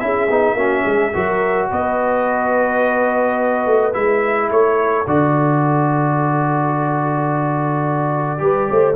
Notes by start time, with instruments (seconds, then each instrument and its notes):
0.00 tuba C#4, trombone E4, horn G#4, trumpet E5
0.30 tuba B3, trombone D#4
0.54 tuba A#3, trombone C#4, horn F#4
0.85 tuba G#3, horn G#4
1.14 tuba F#3, trombone F#4, horn A#4
1.71 tuba B3, horn B4, trumpet D#5
3.66 tuba A3
3.93 tuba G#3, trombone E4, trumpet E5
4.50 tuba A3, horn A4, trumpet C#5
5.07 tuba D3, trombone F#4, trumpet D5
8.38 tuba G3, trombone G4, horn B4
8.70 tuba A3, horn C5